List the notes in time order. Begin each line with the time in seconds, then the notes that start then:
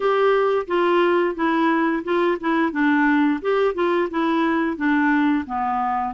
0.00 G4
0.67 F4
1.35 E4
2.03 F4
2.40 E4
2.71 D4
3.41 G4
3.74 F4
4.10 E4
4.76 D4
5.46 B3